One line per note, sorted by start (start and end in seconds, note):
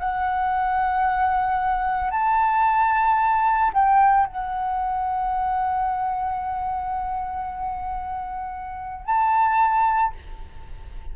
0.00 2.11 F#5
2.11 3.72 A5
3.74 4.27 G5
4.27 9.06 F#5
9.06 10.13 A5